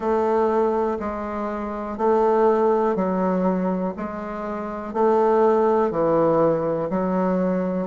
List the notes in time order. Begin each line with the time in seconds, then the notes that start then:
0.00 A3
0.99 G#3
1.97 A3
2.95 F#3
3.96 G#3
4.93 A3
5.90 E3
6.90 F#3